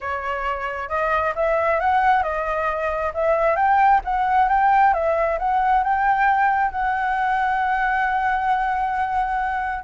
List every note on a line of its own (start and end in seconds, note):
0.00 0.88 C#5
0.88 1.33 D#5
1.35 1.80 E5
1.80 2.23 F#5
2.23 3.12 D#5
3.13 3.56 E5
3.56 4.00 G5
4.04 4.48 F#5
4.48 4.93 G5
4.93 5.38 E5
5.38 5.83 F#5
5.83 6.71 G5
6.71 9.84 F#5